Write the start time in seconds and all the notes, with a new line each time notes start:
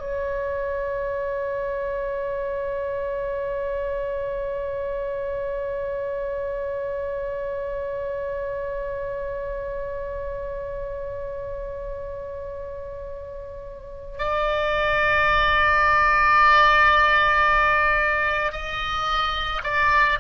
0.00 C#5
14.18 D5
18.52 D#5
19.64 D5